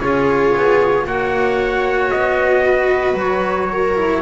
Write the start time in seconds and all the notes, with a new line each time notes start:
0.00 C#4 F4 G#4 C#5
0.57 B3
1.07 A#3 F#4 C#5 F#5
2.10 B3 D#5
2.65 B4
3.14 F#3 C#5
3.71 A#4
3.96 E4